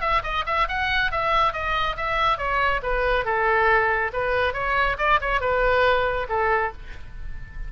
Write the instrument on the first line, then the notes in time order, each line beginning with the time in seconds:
oboe
0.00 E5
0.23 D#5
0.46 E5
0.68 F#5
1.11 E5
1.52 D#5
1.96 E5
2.37 C#5
2.82 B4
3.25 A4
4.12 B4
4.53 C#5
4.98 D5
5.21 C#5
5.40 B4
6.28 A4